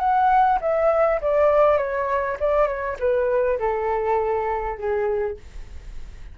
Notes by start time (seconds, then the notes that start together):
0.00 F#5
0.61 E5
1.22 D5
1.78 C#5
2.40 D5
2.67 C#5
3.00 B4
3.59 A4
4.78 G#4